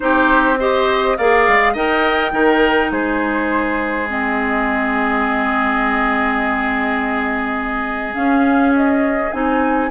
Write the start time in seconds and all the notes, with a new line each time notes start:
0.00 C4 D#4 G4 C5
0.59 G4 C5 D#5
1.17 A#3 G#4 D5 F5
1.48 G#3
1.73 D#4 A#4 D#5 G5
2.32 D#3 D#4 A#4
2.90 G#3 G#4 C5
4.07 C4 D#5
8.13 C#4 F5
8.76 D#5
9.32 C4 D#4 G#5